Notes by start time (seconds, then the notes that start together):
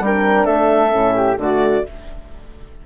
0.00 G3 D4 A#4 G5
0.45 A3 A4 E5
0.90 A2 C#4
1.16 G4
1.38 D3 A3 F#4 D5